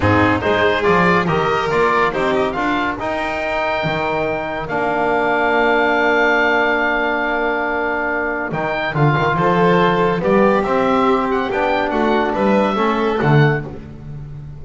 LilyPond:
<<
  \new Staff \with { instrumentName = "oboe" } { \time 4/4 \tempo 4 = 141 gis'4 c''4 d''4 dis''4 | d''4 c''8 dis''8 f''4 g''4~ | g''2. f''4~ | f''1~ |
f''1 | g''4 f''4 c''2 | d''4 e''4. fis''8 g''4 | fis''4 e''2 fis''4 | }
  \new Staff \with { instrumentName = "violin" } { \time 4/4 dis'4 gis'2 ais'4~ | ais'4 g'4 ais'2~ | ais'1~ | ais'1~ |
ais'1~ | ais'2 a'2 | g'1 | fis'4 b'4 a'2 | }
  \new Staff \with { instrumentName = "trombone" } { \time 4/4 c'4 dis'4 f'4 g'4 | f'4 dis'4 f'4 dis'4~ | dis'2. d'4~ | d'1~ |
d'1 | dis'4 f'2. | b4 c'2 d'4~ | d'2 cis'4 a4 | }
  \new Staff \with { instrumentName = "double bass" } { \time 4/4 gis,4 gis4 f4 dis4 | ais4 c'4 d'4 dis'4~ | dis'4 dis2 ais4~ | ais1~ |
ais1 | dis4 d8 dis8 f2 | g4 c'2 b4 | a4 g4 a4 d4 | }
>>